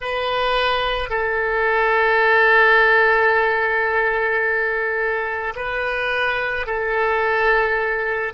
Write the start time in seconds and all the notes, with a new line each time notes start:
0.00 B4
1.09 A4
5.55 B4
6.66 A4